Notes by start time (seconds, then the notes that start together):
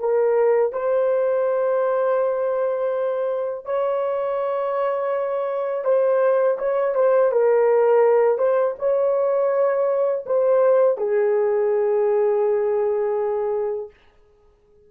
0.00 A#4
0.73 C5
3.66 C#5
5.85 C5
6.59 C#5
6.95 C5
7.32 A#4
8.38 C5
8.79 C#5
10.26 C5
10.98 G#4